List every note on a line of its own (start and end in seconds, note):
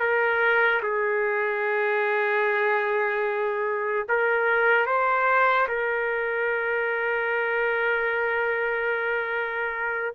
0.00 0.81 A#4
0.83 4.07 G#4
4.09 4.86 A#4
4.86 5.68 C5
5.68 10.14 A#4